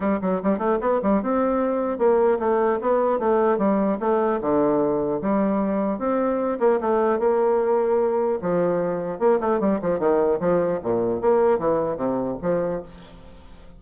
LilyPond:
\new Staff \with { instrumentName = "bassoon" } { \time 4/4 \tempo 4 = 150 g8 fis8 g8 a8 b8 g8 c'4~ | c'4 ais4 a4 b4 | a4 g4 a4 d4~ | d4 g2 c'4~ |
c'8 ais8 a4 ais2~ | ais4 f2 ais8 a8 | g8 f8 dis4 f4 ais,4 | ais4 e4 c4 f4 | }